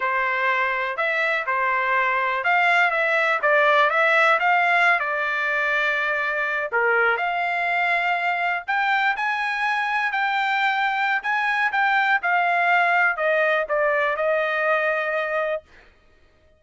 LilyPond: \new Staff \with { instrumentName = "trumpet" } { \time 4/4 \tempo 4 = 123 c''2 e''4 c''4~ | c''4 f''4 e''4 d''4 | e''4 f''4~ f''16 d''4.~ d''16~ | d''4.~ d''16 ais'4 f''4~ f''16~ |
f''4.~ f''16 g''4 gis''4~ gis''16~ | gis''8. g''2~ g''16 gis''4 | g''4 f''2 dis''4 | d''4 dis''2. | }